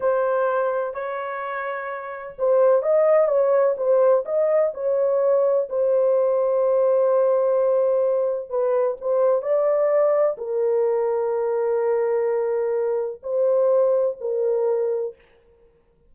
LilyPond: \new Staff \with { instrumentName = "horn" } { \time 4/4 \tempo 4 = 127 c''2 cis''2~ | cis''4 c''4 dis''4 cis''4 | c''4 dis''4 cis''2 | c''1~ |
c''2 b'4 c''4 | d''2 ais'2~ | ais'1 | c''2 ais'2 | }